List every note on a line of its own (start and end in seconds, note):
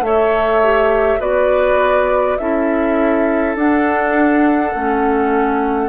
0.00 1.18 A3
0.00 0.61 A4
0.00 1.19 C#5
0.00 1.20 E5
0.63 1.19 G4
1.19 2.37 B3
1.19 2.37 F#4
1.19 2.37 B4
1.19 2.37 D5
2.37 3.55 C#4
2.37 3.56 E4
2.37 5.88 A4
2.37 3.55 E5
3.55 4.73 D4
3.55 4.74 D4
3.55 5.88 F#5
4.74 5.88 A3
4.74 5.88 C#4